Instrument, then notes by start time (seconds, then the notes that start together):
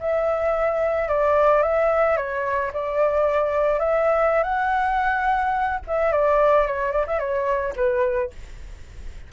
flute
0.00 E5
1.08 D5
1.63 E5
2.17 C#5
2.73 D5
3.79 E5
4.43 F#5
5.87 E5
6.12 D5
6.66 C#5
6.92 D5
7.07 E5
7.19 C#5
7.76 B4